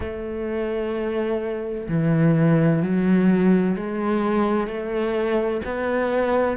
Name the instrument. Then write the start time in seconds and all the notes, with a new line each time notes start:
cello
0.00 A3
1.88 E3
2.82 F#3
3.76 G#3
4.67 A3
5.64 B3